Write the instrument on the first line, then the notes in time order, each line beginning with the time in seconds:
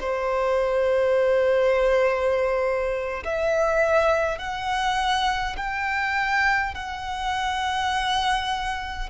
violin
0.00 C5
3.25 E5
4.39 F#5
5.57 G5
6.74 F#5